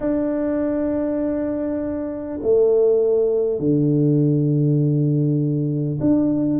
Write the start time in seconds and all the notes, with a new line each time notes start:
0.00 D4
2.42 A3
3.59 D3
6.00 D4